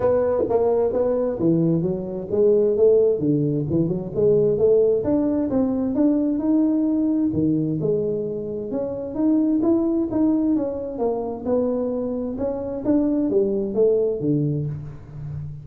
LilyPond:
\new Staff \with { instrumentName = "tuba" } { \time 4/4 \tempo 4 = 131 b4 ais4 b4 e4 | fis4 gis4 a4 d4 | e8 fis8 gis4 a4 d'4 | c'4 d'4 dis'2 |
dis4 gis2 cis'4 | dis'4 e'4 dis'4 cis'4 | ais4 b2 cis'4 | d'4 g4 a4 d4 | }